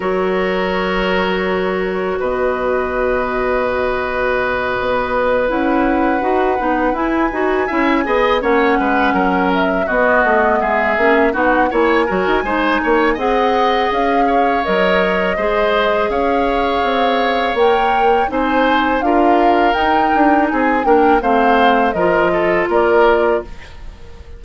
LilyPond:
<<
  \new Staff \with { instrumentName = "flute" } { \time 4/4 \tempo 4 = 82 cis''2. dis''4~ | dis''2.~ dis''8 fis''8~ | fis''4. gis''2 fis''8~ | fis''4 e''8 dis''4 e''4 fis''8 |
gis''2 fis''4 f''4 | dis''2 f''2 | g''4 gis''4 f''4 g''4 | gis''8 g''8 f''4 dis''4 d''4 | }
  \new Staff \with { instrumentName = "oboe" } { \time 4/4 ais'2. b'4~ | b'1~ | b'2~ b'8 e''8 dis''8 cis''8 | b'8 ais'4 fis'4 gis'4 fis'8 |
cis''8 ais'8 c''8 cis''8 dis''4. cis''8~ | cis''4 c''4 cis''2~ | cis''4 c''4 ais'2 | gis'8 ais'8 c''4 ais'8 a'8 ais'4 | }
  \new Staff \with { instrumentName = "clarinet" } { \time 4/4 fis'1~ | fis'2.~ fis'8 e'8~ | e'8 fis'8 dis'8 e'8 fis'8 e'8 gis'8 cis'8~ | cis'4. b4. cis'8 dis'8 |
e'8 fis'8 dis'4 gis'2 | ais'4 gis'2. | ais'4 dis'4 f'4 dis'4~ | dis'8 d'8 c'4 f'2 | }
  \new Staff \with { instrumentName = "bassoon" } { \time 4/4 fis2. b,4~ | b,2~ b,8 b4 cis'8~ | cis'8 dis'8 b8 e'8 dis'8 cis'8 b8 ais8 | gis8 fis4 b8 a8 gis8 ais8 b8 |
ais8 fis16 dis'16 gis8 ais8 c'4 cis'4 | fis4 gis4 cis'4 c'4 | ais4 c'4 d'4 dis'8 d'8 | c'8 ais8 a4 f4 ais4 | }
>>